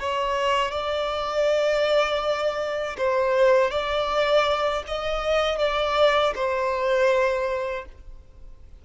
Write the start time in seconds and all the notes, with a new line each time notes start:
0.00 C#5
0.72 D5
2.98 C5
3.71 D5
4.88 D#5
5.59 D5
6.35 C5